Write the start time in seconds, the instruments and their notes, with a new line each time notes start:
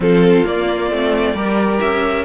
0.00 cello F3, viola C4, violin F4 A4
0.45 viola A#3, cello A#3, violin D5
0.90 cello A3, viola C4
1.34 cello G3, viola G4, violin A#4
1.80 cello C#4, violin E5